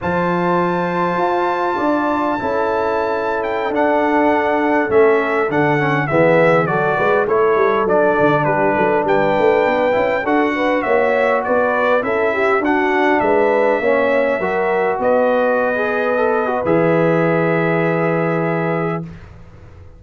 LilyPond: <<
  \new Staff \with { instrumentName = "trumpet" } { \time 4/4 \tempo 4 = 101 a''1~ | a''4.~ a''16 g''8 fis''4.~ fis''16~ | fis''16 e''4 fis''4 e''4 d''8.~ | d''16 cis''4 d''4 b'4 g''8.~ |
g''4~ g''16 fis''4 e''4 d''8.~ | d''16 e''4 fis''4 e''4.~ e''16~ | e''4~ e''16 dis''2~ dis''8. | e''1 | }
  \new Staff \with { instrumentName = "horn" } { \time 4/4 c''2. d''4 | a'1~ | a'2~ a'16 gis'4 a'8 b'16~ | b'16 a'2 g'8 a'8 b'8.~ |
b'4~ b'16 a'8 b'8 cis''4 b'8.~ | b'16 a'8 g'8 fis'4 b'4 cis''8.~ | cis''16 ais'4 b'2~ b'8.~ | b'1 | }
  \new Staff \with { instrumentName = "trombone" } { \time 4/4 f'1 | e'2~ e'16 d'4.~ d'16~ | d'16 cis'4 d'8 cis'8 b4 fis'8.~ | fis'16 e'4 d'2~ d'8.~ |
d'8. e'8 fis'2~ fis'8.~ | fis'16 e'4 d'2 cis'8.~ | cis'16 fis'2~ fis'16 gis'8. a'8 fis'16 | gis'1 | }
  \new Staff \with { instrumentName = "tuba" } { \time 4/4 f2 f'4 d'4 | cis'2~ cis'16 d'4.~ d'16~ | d'16 a4 d4 e4 fis8 gis16~ | gis16 a8 g8 fis8 d8 g8 fis8 g8 a16~ |
a16 b8 cis'8 d'4 ais4 b8.~ | b16 cis'4 d'4 gis4 ais8.~ | ais16 fis4 b2~ b8. | e1 | }
>>